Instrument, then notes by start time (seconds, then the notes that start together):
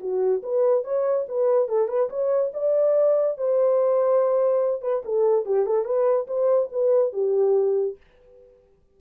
horn
0.00 F#4
0.43 B4
0.84 C#5
1.28 B4
1.69 A4
1.88 B4
2.10 C#5
2.54 D5
3.38 C5
4.82 B4
5.05 A4
5.46 G4
5.66 A4
5.85 B4
6.27 C5
6.72 B4
7.13 G4